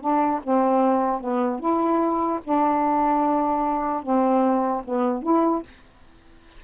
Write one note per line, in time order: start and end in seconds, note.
0.00 0.40 D4
0.43 1.20 C4
1.20 1.59 B3
1.59 2.39 E4
2.43 4.02 D4
4.02 4.82 C4
4.84 5.22 B3
5.22 5.62 E4